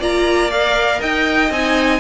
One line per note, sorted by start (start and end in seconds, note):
0.00 1.01 A#3
0.00 0.50 F4
0.00 1.01 D5
0.00 0.51 A#5
0.50 1.51 A#4
0.50 1.02 F5
1.01 1.51 D#4
1.01 2.00 D#5
1.01 1.53 G5
1.51 2.00 C4
1.51 2.00 D#4
1.51 2.00 G#5